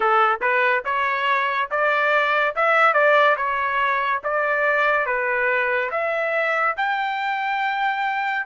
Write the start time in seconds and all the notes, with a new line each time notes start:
0.00 A4
0.41 B4
0.85 C#5
1.71 D5
2.55 E5
2.93 D5
3.36 C#5
4.23 D5
5.06 B4
5.91 E5
6.76 G5